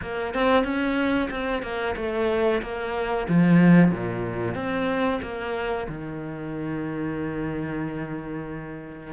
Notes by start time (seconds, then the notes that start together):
0.01 A#3
0.33 C4
0.64 C#4
1.30 C4
1.62 A#3
1.96 A3
2.61 A#3
3.28 F3
3.91 A#2
4.54 C4
5.22 A#3
5.88 D#3